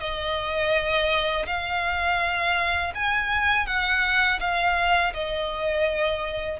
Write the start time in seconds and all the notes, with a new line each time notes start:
0.00 D#5
1.47 F5
2.95 G#5
3.67 F#5
4.40 F5
5.14 D#5